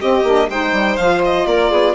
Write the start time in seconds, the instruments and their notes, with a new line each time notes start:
0.00 saxophone C4, bassoon C4, violin G4 D#5
0.23 bassoon A#3, saxophone D4
0.49 bassoon G#3, saxophone D#4, violin C5 G5
0.72 bassoon G3
0.97 bassoon F3, saxophone F4, violin F5
1.25 violin D#5
1.46 bassoon A#3, violin A#4 D5
1.71 bassoon B3, violin G#4